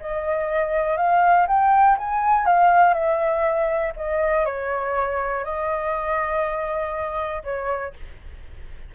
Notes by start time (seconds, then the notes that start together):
0.00 D#5
0.97 F5
1.47 G5
1.97 G#5
2.46 F5
2.94 E5
3.96 D#5
4.45 C#5
5.44 D#5
7.44 C#5